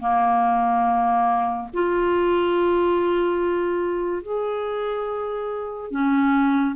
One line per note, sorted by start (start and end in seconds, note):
0.00 1.69 A#3
1.74 4.23 F4
4.23 5.92 G#4
5.92 6.76 C#4